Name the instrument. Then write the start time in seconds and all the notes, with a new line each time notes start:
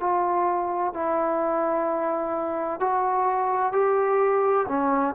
trombone
0.00 F4
0.93 E4
2.80 F#4
3.72 G4
4.68 C#4